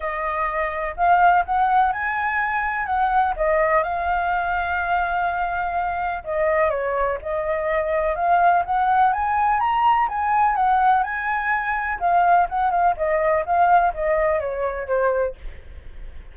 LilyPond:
\new Staff \with { instrumentName = "flute" } { \time 4/4 \tempo 4 = 125 dis''2 f''4 fis''4 | gis''2 fis''4 dis''4 | f''1~ | f''4 dis''4 cis''4 dis''4~ |
dis''4 f''4 fis''4 gis''4 | ais''4 gis''4 fis''4 gis''4~ | gis''4 f''4 fis''8 f''8 dis''4 | f''4 dis''4 cis''4 c''4 | }